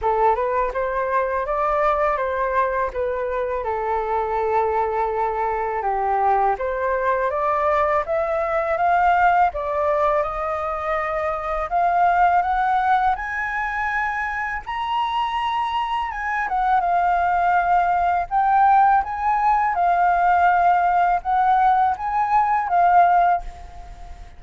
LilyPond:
\new Staff \with { instrumentName = "flute" } { \time 4/4 \tempo 4 = 82 a'8 b'8 c''4 d''4 c''4 | b'4 a'2. | g'4 c''4 d''4 e''4 | f''4 d''4 dis''2 |
f''4 fis''4 gis''2 | ais''2 gis''8 fis''8 f''4~ | f''4 g''4 gis''4 f''4~ | f''4 fis''4 gis''4 f''4 | }